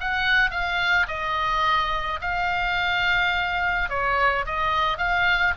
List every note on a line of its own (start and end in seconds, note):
0.00 0.50 F#5
0.50 1.06 F5
1.08 2.20 D#5
2.21 3.89 F5
3.89 4.45 C#5
4.46 4.98 D#5
4.98 5.54 F5